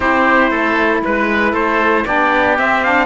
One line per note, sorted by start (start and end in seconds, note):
0.00 0.50 C4
0.00 2.05 E4
0.00 0.50 G4
0.00 1.02 C5
0.50 1.02 A3
0.50 1.01 A4
1.04 1.53 G#3
1.04 1.54 B4
1.04 1.51 B4
1.51 2.04 A3
1.51 2.03 A4
1.51 2.06 C5
2.05 2.58 B3
2.05 2.56 D4
2.05 3.05 G4
2.05 2.57 D5
2.56 2.82 C4
2.56 3.05 C4
2.56 2.83 E5
2.83 3.05 D4
2.83 3.05 F5